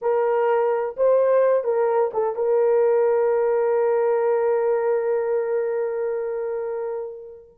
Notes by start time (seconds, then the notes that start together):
0.01 A#4
0.96 C5
1.64 A#4
2.13 A4
2.35 A#4